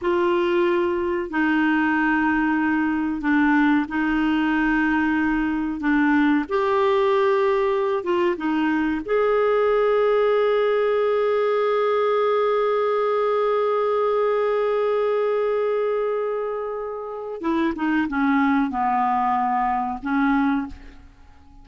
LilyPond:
\new Staff \with { instrumentName = "clarinet" } { \time 4/4 \tempo 4 = 93 f'2 dis'2~ | dis'4 d'4 dis'2~ | dis'4 d'4 g'2~ | g'8 f'8 dis'4 gis'2~ |
gis'1~ | gis'1~ | gis'2. e'8 dis'8 | cis'4 b2 cis'4 | }